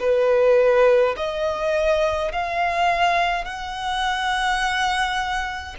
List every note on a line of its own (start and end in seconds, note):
0.00 1.15 B4
1.16 2.32 D#5
2.32 3.45 F5
3.45 5.75 F#5